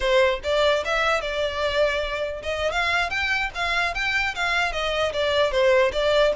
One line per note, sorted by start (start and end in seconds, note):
0.00 0.40 C5
0.43 0.84 D5
0.85 1.21 E5
1.21 2.42 D5
2.42 2.71 D#5
2.71 3.10 F5
3.10 3.50 G5
3.54 3.94 F5
3.94 4.34 G5
4.35 4.72 F5
4.72 5.12 D#5
5.13 5.51 D5
5.51 5.91 C5
5.92 6.32 D5